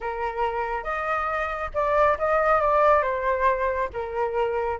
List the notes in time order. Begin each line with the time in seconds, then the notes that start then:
0.00 A#4
0.83 D#5
1.74 D5
2.18 D#5
2.60 D5
3.02 C5
3.93 A#4